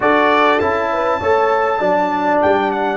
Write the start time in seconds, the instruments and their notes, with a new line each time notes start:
0.00 tuba D4, trombone F#4, horn A4, trumpet D5
0.59 tuba C#4, trombone E4, trumpet A5
0.92 horn B4
1.20 tuba A3, trombone A4, horn C#5
1.79 tuba F#3, trombone D4, horn D5
2.41 tuba G3, trumpet G5
2.71 trumpet F#5